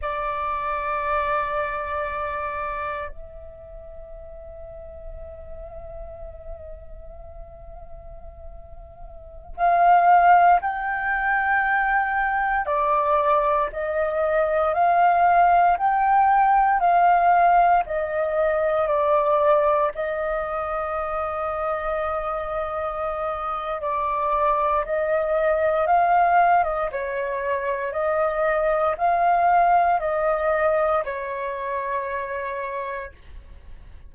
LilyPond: \new Staff \with { instrumentName = "flute" } { \time 4/4 \tempo 4 = 58 d''2. e''4~ | e''1~ | e''4~ e''16 f''4 g''4.~ g''16~ | g''16 d''4 dis''4 f''4 g''8.~ |
g''16 f''4 dis''4 d''4 dis''8.~ | dis''2. d''4 | dis''4 f''8. dis''16 cis''4 dis''4 | f''4 dis''4 cis''2 | }